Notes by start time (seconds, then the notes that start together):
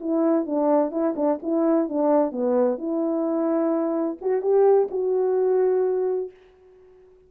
0.00 E4
0.46 D4
0.91 E4
1.16 D4
1.42 E4
1.89 D4
2.32 B3
2.78 E4
4.21 F#4
4.42 G4
4.91 F#4